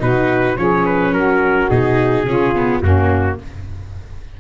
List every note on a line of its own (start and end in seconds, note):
0.00 0.57 B2
0.00 0.56 D#4
0.00 0.58 F#4
0.00 0.58 B4
0.58 1.12 F3
0.58 1.71 C#4
0.58 1.14 G#4
0.58 0.86 C#5
0.86 1.14 B4
1.12 1.69 F#3
1.12 2.26 F#4
1.12 1.70 A#4
1.70 2.25 B2
1.70 2.27 D#4
1.70 2.82 G#4
2.25 2.81 C#3
2.25 2.55 C#4
2.25 2.82 F4
2.56 2.84 B3
2.81 3.37 F#2
2.81 3.40 A#3
2.81 3.38 C#4
2.81 3.39 F#4